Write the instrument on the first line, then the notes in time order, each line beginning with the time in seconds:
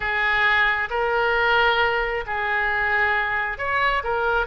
oboe
0.00 G#4
0.90 A#4
2.26 G#4
3.58 C#5
4.03 A#4